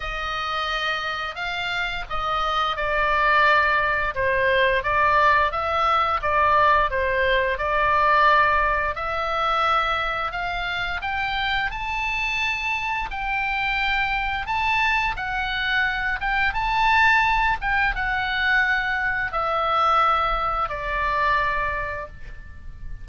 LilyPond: \new Staff \with { instrumentName = "oboe" } { \time 4/4 \tempo 4 = 87 dis''2 f''4 dis''4 | d''2 c''4 d''4 | e''4 d''4 c''4 d''4~ | d''4 e''2 f''4 |
g''4 a''2 g''4~ | g''4 a''4 fis''4. g''8 | a''4. g''8 fis''2 | e''2 d''2 | }